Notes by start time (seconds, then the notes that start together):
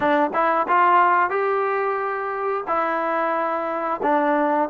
0.00 D4
0.33 E4
0.68 F4
1.30 G4
2.67 E4
4.02 D4